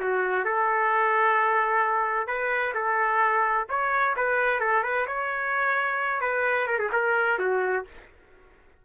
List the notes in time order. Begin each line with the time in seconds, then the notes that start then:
0.00 F#4
0.45 A4
2.27 B4
2.74 A4
3.69 C#5
4.16 B4
4.60 A4
4.83 B4
5.07 C#5
6.21 B4
6.67 A#4
6.78 G#4
6.92 A#4
7.39 F#4